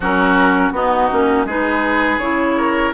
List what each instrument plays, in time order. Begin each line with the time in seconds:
0.00 bassoon F#3, clarinet C#4, oboe F#4, flute A#4
0.70 bassoon B3, clarinet B3, oboe D#4, flute F#4
1.10 bassoon A#3, clarinet C#4
1.45 bassoon G#3, clarinet D#4, oboe G#4, flute B4
2.18 bassoon C#3, clarinet E4, flute C#5
2.57 oboe A#4